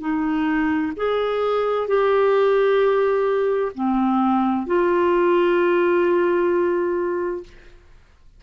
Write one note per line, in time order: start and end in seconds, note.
0.00 0.92 D#4
0.96 1.88 G#4
1.88 3.72 G4
3.75 4.66 C4
4.66 7.43 F4